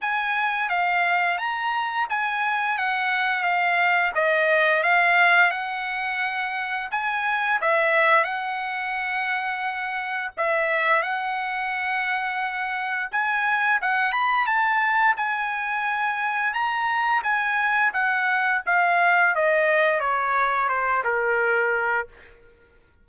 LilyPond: \new Staff \with { instrumentName = "trumpet" } { \time 4/4 \tempo 4 = 87 gis''4 f''4 ais''4 gis''4 | fis''4 f''4 dis''4 f''4 | fis''2 gis''4 e''4 | fis''2. e''4 |
fis''2. gis''4 | fis''8 b''8 a''4 gis''2 | ais''4 gis''4 fis''4 f''4 | dis''4 cis''4 c''8 ais'4. | }